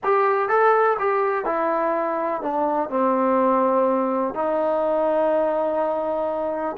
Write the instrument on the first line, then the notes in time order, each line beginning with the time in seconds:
trombone
0.03 G4
0.48 A4
0.99 G4
1.45 E4
2.41 D4
2.89 C4
4.34 D#4